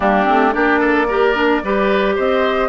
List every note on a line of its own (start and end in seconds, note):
0.00 0.27 G3
0.00 0.24 A#3
0.00 0.54 D4
0.00 0.52 G4
0.24 0.54 A3
0.24 0.51 C4
0.52 1.62 A#3
0.52 1.06 D4
0.52 0.79 G4
0.52 2.15 D5
0.79 1.06 A4
1.08 1.34 G4
1.08 1.62 A#4
1.34 1.61 D4
1.63 2.17 G3
1.63 2.68 G4
1.63 2.15 B4
2.15 2.68 C4
2.15 2.68 C5
2.15 2.68 D#5